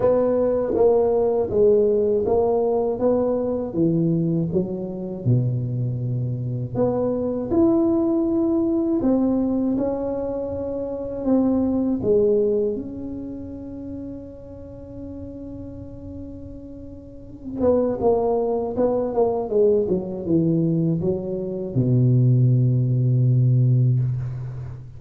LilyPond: \new Staff \with { instrumentName = "tuba" } { \time 4/4 \tempo 4 = 80 b4 ais4 gis4 ais4 | b4 e4 fis4 b,4~ | b,4 b4 e'2 | c'4 cis'2 c'4 |
gis4 cis'2.~ | cis'2.~ cis'8 b8 | ais4 b8 ais8 gis8 fis8 e4 | fis4 b,2. | }